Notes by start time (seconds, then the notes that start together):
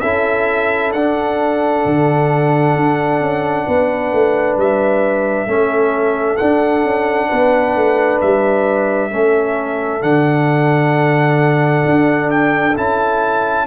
0.00 C#4 E4 A4 E5
0.92 D4 F#5
1.85 D3
2.76 D4
3.20 C#4
3.66 B3 B4
4.13 A3
4.57 G3 E5
5.46 A3 C#4 A4
6.37 D4 F#5
6.84 C#4
7.28 B3 B4
7.76 A3
8.21 G3 E5
9.11 A3 C#4 A4
10.01 D3 D4 F#5
11.85 D4
12.30 G5
12.77 C#4 E4 A5